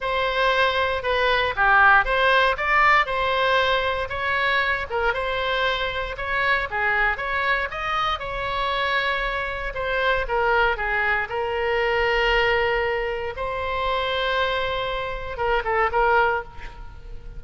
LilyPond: \new Staff \with { instrumentName = "oboe" } { \time 4/4 \tempo 4 = 117 c''2 b'4 g'4 | c''4 d''4 c''2 | cis''4. ais'8 c''2 | cis''4 gis'4 cis''4 dis''4 |
cis''2. c''4 | ais'4 gis'4 ais'2~ | ais'2 c''2~ | c''2 ais'8 a'8 ais'4 | }